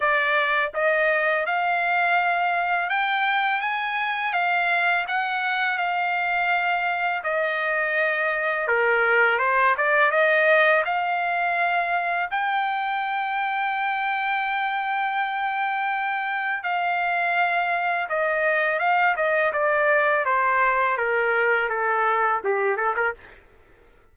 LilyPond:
\new Staff \with { instrumentName = "trumpet" } { \time 4/4 \tempo 4 = 83 d''4 dis''4 f''2 | g''4 gis''4 f''4 fis''4 | f''2 dis''2 | ais'4 c''8 d''8 dis''4 f''4~ |
f''4 g''2.~ | g''2. f''4~ | f''4 dis''4 f''8 dis''8 d''4 | c''4 ais'4 a'4 g'8 a'16 ais'16 | }